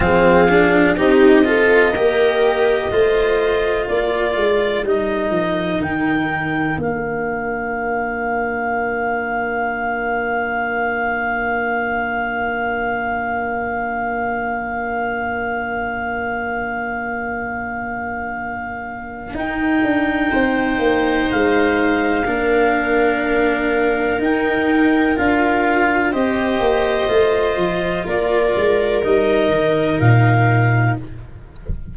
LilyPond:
<<
  \new Staff \with { instrumentName = "clarinet" } { \time 4/4 \tempo 4 = 62 f''4 dis''2. | d''4 dis''4 g''4 f''4~ | f''1~ | f''1~ |
f''1 | g''2 f''2~ | f''4 g''4 f''4 dis''4~ | dis''4 d''4 dis''4 f''4 | }
  \new Staff \with { instrumentName = "viola" } { \time 4/4 gis'4 g'8 a'8 ais'4 c''4 | ais'1~ | ais'1~ | ais'1~ |
ais'1~ | ais'4 c''2 ais'4~ | ais'2. c''4~ | c''4 ais'2. | }
  \new Staff \with { instrumentName = "cello" } { \time 4/4 c'8 d'8 dis'8 f'8 g'4 f'4~ | f'4 dis'2 d'4~ | d'1~ | d'1~ |
d'1 | dis'2. d'4~ | d'4 dis'4 f'4 g'4 | f'2 dis'2 | }
  \new Staff \with { instrumentName = "tuba" } { \time 4/4 f4 c'4 ais4 a4 | ais8 gis8 g8 f8 dis4 ais4~ | ais1~ | ais1~ |
ais1 | dis'8 d'8 c'8 ais8 gis4 ais4~ | ais4 dis'4 d'4 c'8 ais8 | a8 f8 ais8 gis8 g8 dis8 ais,4 | }
>>